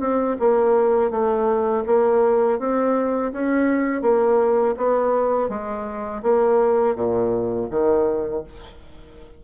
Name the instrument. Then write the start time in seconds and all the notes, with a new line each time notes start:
bassoon
0.00 C4
0.40 A#3
1.11 A3
1.87 A#3
2.59 C4
3.33 C#4
4.02 A#3
4.77 B3
5.49 G#3
6.23 A#3
6.95 A#2
7.70 D#3